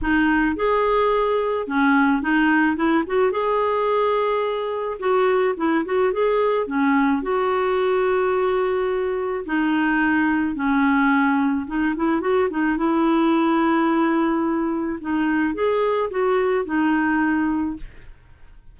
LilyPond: \new Staff \with { instrumentName = "clarinet" } { \time 4/4 \tempo 4 = 108 dis'4 gis'2 cis'4 | dis'4 e'8 fis'8 gis'2~ | gis'4 fis'4 e'8 fis'8 gis'4 | cis'4 fis'2.~ |
fis'4 dis'2 cis'4~ | cis'4 dis'8 e'8 fis'8 dis'8 e'4~ | e'2. dis'4 | gis'4 fis'4 dis'2 | }